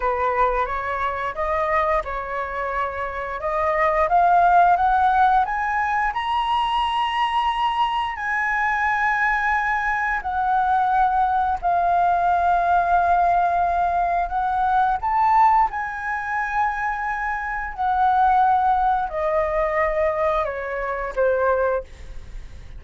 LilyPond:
\new Staff \with { instrumentName = "flute" } { \time 4/4 \tempo 4 = 88 b'4 cis''4 dis''4 cis''4~ | cis''4 dis''4 f''4 fis''4 | gis''4 ais''2. | gis''2. fis''4~ |
fis''4 f''2.~ | f''4 fis''4 a''4 gis''4~ | gis''2 fis''2 | dis''2 cis''4 c''4 | }